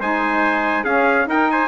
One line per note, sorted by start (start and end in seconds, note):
0.00 0.84 G#3
0.00 0.84 D#4
0.00 0.84 C5
0.00 0.84 G#5
0.84 1.26 C#4
0.84 1.27 C#4
0.84 1.26 G#4
0.84 1.27 F5
1.26 1.68 D#4
1.26 1.50 A#4
1.26 1.51 G5
1.51 1.68 C5
1.51 1.68 G#5